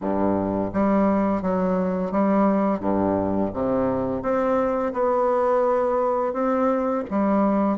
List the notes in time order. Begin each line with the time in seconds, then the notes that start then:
0.01 G2
0.73 G3
1.42 F#3
2.11 G3
2.80 G2
3.53 C3
4.22 C4
4.93 B3
6.33 C4
7.10 G3